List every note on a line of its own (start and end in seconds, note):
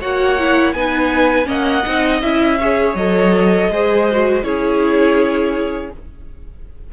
0.00 0.74 A#3
0.00 0.39 F#4
0.00 0.74 C#5
0.00 0.73 F#5
0.39 0.76 E4
0.73 1.47 B3
0.73 1.45 D#4
0.73 1.47 B4
0.73 1.47 G#5
1.45 1.84 A#3
1.45 1.82 C#4
1.45 2.58 D#5
1.51 2.22 F#5
1.86 2.22 C4
1.86 2.22 D#4
2.22 2.95 C#4
2.22 2.59 E4
2.22 2.96 E5
2.60 2.98 G#4
2.60 3.71 C#5
2.95 3.69 F#3
2.95 3.72 A4
2.95 4.43 D#5
3.69 4.42 G#3
3.69 4.09 G#4
3.69 4.45 C5
4.12 4.44 F#4
4.42 5.91 C#4
4.42 5.92 E4
4.42 5.93 G#4
4.42 5.92 C#5